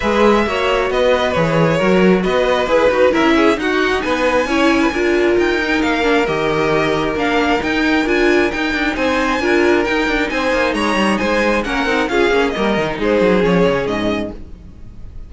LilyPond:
<<
  \new Staff \with { instrumentName = "violin" } { \time 4/4 \tempo 4 = 134 e''2 dis''4 cis''4~ | cis''4 dis''4 b'4 e''4 | fis''4 gis''2. | g''4 f''4 dis''2 |
f''4 g''4 gis''4 g''4 | gis''2 g''4 gis''4 | ais''4 gis''4 fis''4 f''4 | dis''4 c''4 cis''4 dis''4 | }
  \new Staff \with { instrumentName = "violin" } { \time 4/4 b'4 cis''4 b'2 | ais'4 b'2 ais'8 gis'8 | fis'4 b'4 cis''8. b'16 ais'4~ | ais'1~ |
ais'1 | c''4 ais'2 c''4 | cis''4 c''4 ais'4 gis'4 | ais'4 gis'2. | }
  \new Staff \with { instrumentName = "viola" } { \time 4/4 gis'4 fis'2 gis'4 | fis'2 gis'8 fis'8 e'4 | dis'2 e'4 f'4~ | f'8 dis'4 d'8 g'2 |
d'4 dis'4 f'4 dis'4~ | dis'4 f'4 dis'2~ | dis'2 cis'8 dis'8 f'8 cis'8 | ais8 dis'4. cis'2 | }
  \new Staff \with { instrumentName = "cello" } { \time 4/4 gis4 ais4 b4 e4 | fis4 b4 e'8 dis'8 cis'4 | dis'4 b4 cis'4 d'4 | dis'4 ais4 dis2 |
ais4 dis'4 d'4 dis'8 d'8 | c'4 d'4 dis'8 d'8 c'8 ais8 | gis8 g8 gis4 ais8 c'8 cis'8 ais8 | g8 dis8 gis8 fis8 f8 cis8 gis,4 | }
>>